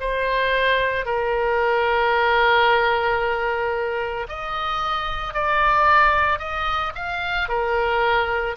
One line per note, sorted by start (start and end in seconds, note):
0.00 1.05 C5
1.05 4.27 A#4
4.29 5.34 D#5
5.34 6.38 D5
6.38 6.92 D#5
6.94 7.48 F5
7.49 8.56 A#4